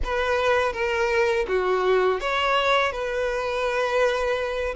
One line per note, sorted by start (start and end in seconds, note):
0.04 0.73 B4
0.73 1.46 A#4
1.48 2.20 F#4
2.20 2.92 C#5
2.92 4.75 B4